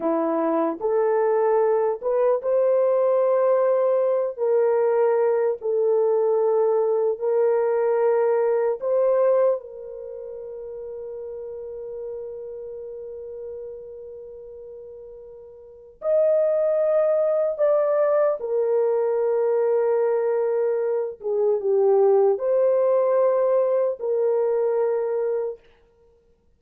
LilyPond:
\new Staff \with { instrumentName = "horn" } { \time 4/4 \tempo 4 = 75 e'4 a'4. b'8 c''4~ | c''4. ais'4. a'4~ | a'4 ais'2 c''4 | ais'1~ |
ais'1 | dis''2 d''4 ais'4~ | ais'2~ ais'8 gis'8 g'4 | c''2 ais'2 | }